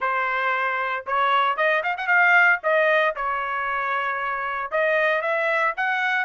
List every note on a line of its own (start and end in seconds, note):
0.00 1.05 C5
1.06 1.56 C#5
1.56 1.82 D#5
1.83 1.96 F5
1.97 2.07 F#5
2.07 2.59 F5
2.63 3.15 D#5
3.15 4.71 C#5
4.71 5.21 D#5
5.21 5.73 E5
5.77 6.25 F#5